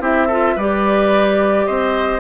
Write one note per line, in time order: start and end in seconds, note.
0.00 0.55 C4
0.00 0.28 E4
0.00 0.27 G4
0.00 0.58 E5
0.27 0.58 F4
0.27 0.54 A4
0.55 1.66 G3
0.55 2.20 G4
0.55 1.65 B4
0.55 1.66 D5
1.66 2.20 C4
1.66 2.20 C5
1.66 2.20 D#5